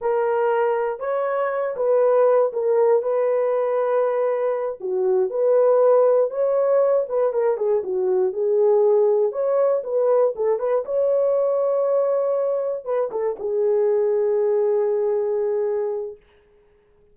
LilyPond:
\new Staff \with { instrumentName = "horn" } { \time 4/4 \tempo 4 = 119 ais'2 cis''4. b'8~ | b'4 ais'4 b'2~ | b'4. fis'4 b'4.~ | b'8 cis''4. b'8 ais'8 gis'8 fis'8~ |
fis'8 gis'2 cis''4 b'8~ | b'8 a'8 b'8 cis''2~ cis''8~ | cis''4. b'8 a'8 gis'4.~ | gis'1 | }